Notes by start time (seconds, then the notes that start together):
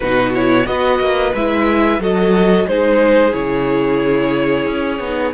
0.00 B2 D#4 F#4 B4
0.34 E4 C#5
0.64 B3 F#4 D#5
0.71 B4
0.99 A#3
1.34 G#3 E4 E5
1.98 F#3 F#4 A4 D#5
2.66 G#3 D#4 G#4 C5
3.32 C#3 E4 C#5
4.66 C#4
4.99 B3 D#4